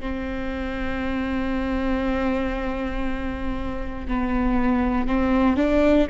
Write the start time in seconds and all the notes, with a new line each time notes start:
0.00 C4
4.08 B3
5.08 C4
5.57 D4